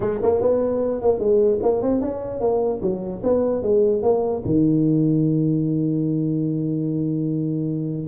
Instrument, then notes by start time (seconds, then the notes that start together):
tuba
0.00 G#3
0.22 A#3
0.41 B3
1.01 A#3
1.19 G#3
1.62 A#3
1.82 C4
2.01 C#4
2.40 A#3
2.81 F#3
3.23 B3
3.62 G#3
4.02 A#3
4.45 D#3